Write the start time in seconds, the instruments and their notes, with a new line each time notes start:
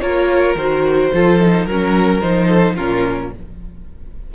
0.00 cello A#3, viola F4, violin A#4 C#5
0.55 cello D#3, viola F#4, violin C5
1.13 cello F3, viola F4, violin A4
1.39 viola D#4
1.65 cello F#3, viola C#4, violin A#4
2.20 cello F3, viola D#4, violin C5
2.47 violin A4
2.75 cello A#2, viola C#4, violin F4 A#4